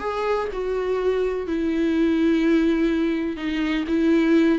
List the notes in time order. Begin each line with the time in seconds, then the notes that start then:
0.00 G#4
0.53 F#4
1.47 E4
3.37 D#4
3.87 E4